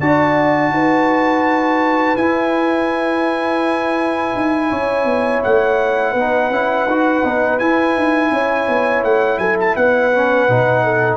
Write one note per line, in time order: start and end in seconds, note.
0.00 0.70 D4
0.00 2.18 F#4
0.00 0.74 D5
0.00 2.17 A5
0.70 2.14 D#4
0.70 4.70 B4
2.17 4.34 E4
2.17 6.16 E4
2.17 5.42 G#5
4.35 4.71 D#4
4.70 5.05 C#4
4.70 6.12 C#5
5.05 5.41 B3
5.43 6.14 A3
5.43 7.59 F#5
6.12 6.50 B3
6.12 6.52 D#4
6.12 8.28 B4
6.50 6.86 C#4
6.50 6.88 E4
6.86 7.22 D#4
6.86 7.24 F#4
7.24 7.61 B3
7.24 7.60 D#4
7.59 10.13 E4
7.59 7.96 E4
7.59 9.03 G#5
7.96 8.31 D#4
8.31 8.67 C#4
8.31 9.40 C#5
8.68 9.04 B3
9.04 9.38 A3
9.04 9.39 F#5
9.38 9.74 F#3
9.38 9.77 A4
9.38 9.57 G#5
9.60 9.76 A5
9.76 10.48 B3
9.76 10.84 B4
9.76 11.17 F#5
10.13 10.49 C#4
10.48 11.17 B2
10.48 11.17 D#4
10.84 11.17 A4